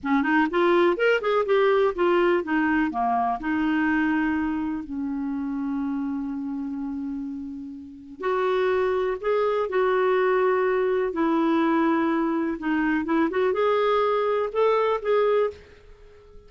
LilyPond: \new Staff \with { instrumentName = "clarinet" } { \time 4/4 \tempo 4 = 124 cis'8 dis'8 f'4 ais'8 gis'8 g'4 | f'4 dis'4 ais4 dis'4~ | dis'2 cis'2~ | cis'1~ |
cis'4 fis'2 gis'4 | fis'2. e'4~ | e'2 dis'4 e'8 fis'8 | gis'2 a'4 gis'4 | }